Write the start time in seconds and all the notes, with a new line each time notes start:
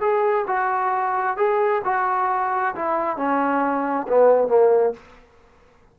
0.00 G#4
0.47 F#4
1.36 G#4
1.84 F#4
2.75 E4
3.16 C#4
4.08 B3
4.48 A#3